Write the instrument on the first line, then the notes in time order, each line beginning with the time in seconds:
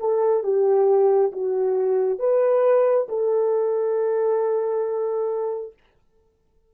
horn
0.00 A4
0.44 G4
1.32 F#4
2.19 B4
3.09 A4